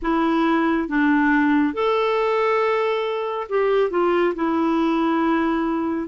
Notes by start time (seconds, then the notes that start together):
0.02 E4
0.88 D4
1.73 A4
3.49 G4
3.90 F4
4.35 E4